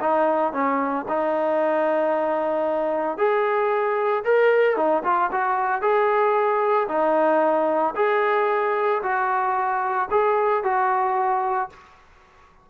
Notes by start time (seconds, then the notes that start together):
0.00 D#4
0.52 C#4
1.08 D#4
3.17 G#4
4.24 A#4
4.76 D#4
5.03 F4
5.31 F#4
5.81 G#4
6.88 D#4
7.95 G#4
9.02 F#4
10.10 G#4
10.63 F#4